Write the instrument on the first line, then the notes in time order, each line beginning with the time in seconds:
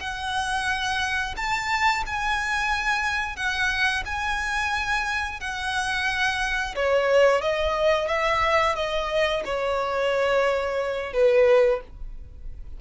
violin
0.00 F#5
1.36 A5
2.06 G#5
3.36 F#5
4.05 G#5
5.40 F#5
6.75 C#5
7.41 D#5
8.08 E5
8.75 D#5
9.45 C#5
11.13 B4